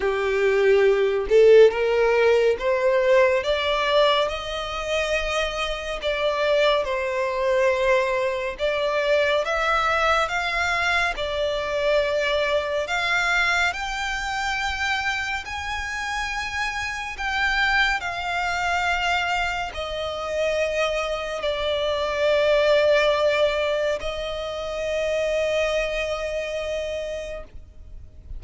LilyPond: \new Staff \with { instrumentName = "violin" } { \time 4/4 \tempo 4 = 70 g'4. a'8 ais'4 c''4 | d''4 dis''2 d''4 | c''2 d''4 e''4 | f''4 d''2 f''4 |
g''2 gis''2 | g''4 f''2 dis''4~ | dis''4 d''2. | dis''1 | }